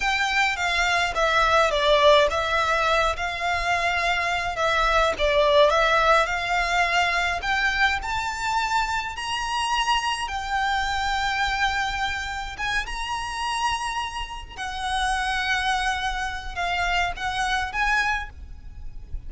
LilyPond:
\new Staff \with { instrumentName = "violin" } { \time 4/4 \tempo 4 = 105 g''4 f''4 e''4 d''4 | e''4. f''2~ f''8 | e''4 d''4 e''4 f''4~ | f''4 g''4 a''2 |
ais''2 g''2~ | g''2 gis''8 ais''4.~ | ais''4. fis''2~ fis''8~ | fis''4 f''4 fis''4 gis''4 | }